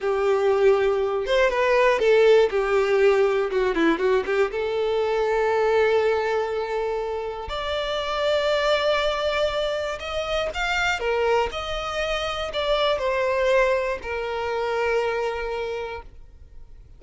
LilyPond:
\new Staff \with { instrumentName = "violin" } { \time 4/4 \tempo 4 = 120 g'2~ g'8 c''8 b'4 | a'4 g'2 fis'8 e'8 | fis'8 g'8 a'2.~ | a'2. d''4~ |
d''1 | dis''4 f''4 ais'4 dis''4~ | dis''4 d''4 c''2 | ais'1 | }